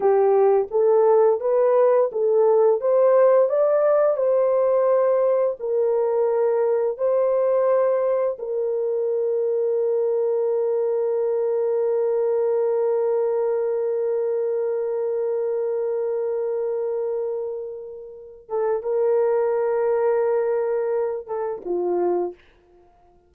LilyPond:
\new Staff \with { instrumentName = "horn" } { \time 4/4 \tempo 4 = 86 g'4 a'4 b'4 a'4 | c''4 d''4 c''2 | ais'2 c''2 | ais'1~ |
ais'1~ | ais'1~ | ais'2~ ais'8 a'8 ais'4~ | ais'2~ ais'8 a'8 f'4 | }